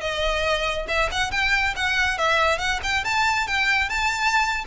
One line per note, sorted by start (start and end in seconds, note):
0.00 0.86 D#5
0.88 1.09 E5
1.11 1.31 F#5
1.31 1.74 G5
1.76 2.18 F#5
2.18 2.58 E5
2.58 2.80 F#5
2.83 3.04 G5
3.04 3.47 A5
3.47 3.89 G5
3.89 4.64 A5